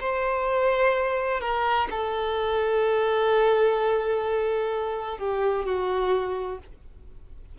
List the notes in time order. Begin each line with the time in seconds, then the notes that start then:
0.00 C5
1.41 A#4
1.90 A4
5.18 G4
5.65 F#4